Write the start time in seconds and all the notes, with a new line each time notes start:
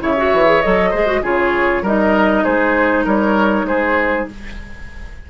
0.00 C#3 E4 C#5 E5
0.17 F#4
0.33 E3
0.46 G#4
0.62 F#3 A4 D#5
0.91 G#3 G#4 C5
1.07 F#4
1.22 C#3 F4 G#4 C#5
1.82 G3 D#4 A#4 D#5
2.44 G#3 G#4 C5
3.05 G3 A#4 C#5
3.64 G#3 G#4 C5